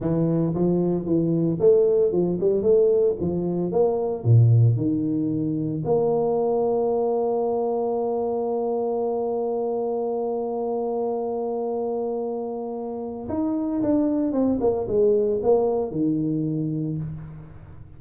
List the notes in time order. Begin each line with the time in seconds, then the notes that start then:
0.00 E3
0.54 F3
1.05 E3
1.59 A3
2.11 F3
2.40 G3
2.62 A3
3.20 F3
3.71 A#3
4.23 A#2
4.76 D#3
5.84 A#3
13.28 D#4
13.82 D4
14.32 C4
14.60 A#3
14.87 G#3
15.42 A#3
15.91 D#3